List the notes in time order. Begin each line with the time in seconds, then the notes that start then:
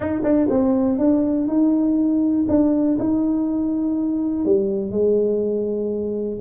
0.00 D#4
0.23 D4
0.49 C4
0.98 D4
1.47 D#4
2.48 D4
2.98 D#4
4.45 G3
4.91 G#3